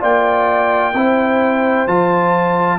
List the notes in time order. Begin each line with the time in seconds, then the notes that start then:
0.00 A#3 F4 D5 G5
0.94 C4 E4 C5
1.87 F3 F4 A5